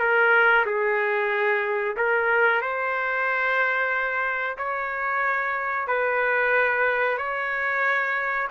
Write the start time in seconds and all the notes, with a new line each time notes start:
0.00 A#4
0.66 G#4
1.97 A#4
2.62 C5
4.58 C#5
5.88 B4
7.18 C#5